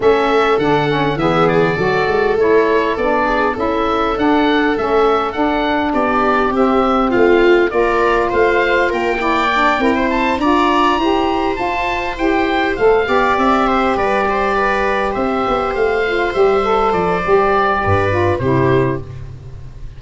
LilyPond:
<<
  \new Staff \with { instrumentName = "oboe" } { \time 4/4 \tempo 4 = 101 e''4 fis''4 e''8 d''4. | cis''4 d''4 e''4 fis''4 | e''4 fis''4 d''4 e''4 | f''4 d''4 f''4 g''4~ |
g''4 a''8 ais''2 a''8~ | a''8 g''4 f''4 e''4 d''8~ | d''4. e''4 f''4 e''8~ | e''8 d''2~ d''8 c''4 | }
  \new Staff \with { instrumentName = "viola" } { \time 4/4 a'2 gis'4 a'4~ | a'4. gis'8 a'2~ | a'2 g'2 | f'4 ais'4 c''4 ais'8 d''8~ |
d''8 ais'16 c''8. d''4 c''4.~ | c''2 d''4 c''8 b'8 | c''8 b'4 c''2~ c''8~ | c''2 b'4 g'4 | }
  \new Staff \with { instrumentName = "saxophone" } { \time 4/4 cis'4 d'8 cis'8 b4 fis'4 | e'4 d'4 e'4 d'4 | cis'4 d'2 c'4~ | c'4 f'2~ f'8 e'8 |
d'8 e'4 f'4 g'4 f'8~ | f'8 g'4 a'8 g'2~ | g'2. f'8 g'8 | a'4 g'4. f'8 e'4 | }
  \new Staff \with { instrumentName = "tuba" } { \time 4/4 a4 d4 e4 fis8 gis8 | a4 b4 cis'4 d'4 | a4 d'4 b4 c'4 | a4 ais4 a4 ais4~ |
ais8 c'4 d'4 e'4 f'8~ | f'8 e'4 a8 b8 c'4 g8~ | g4. c'8 b8 a4 g8~ | g8 f8 g4 g,4 c4 | }
>>